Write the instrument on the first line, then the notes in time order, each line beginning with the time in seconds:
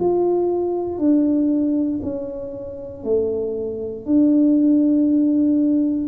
tuba
0.00 F4
0.98 D4
2.02 C#4
3.04 A3
4.06 D4